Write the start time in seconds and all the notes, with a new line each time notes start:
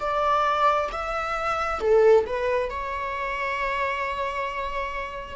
0.00 D5
0.93 E5
1.81 A4
2.27 B4
2.70 C#5